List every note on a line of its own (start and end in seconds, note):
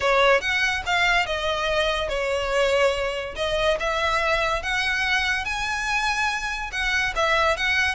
0.00 0.40 C#5
0.40 0.82 F#5
0.86 1.25 F5
1.25 2.09 D#5
2.09 3.35 C#5
3.35 3.77 D#5
3.79 4.62 E5
4.62 5.45 F#5
5.45 6.70 G#5
6.71 7.13 F#5
7.15 7.56 E5
7.56 7.95 F#5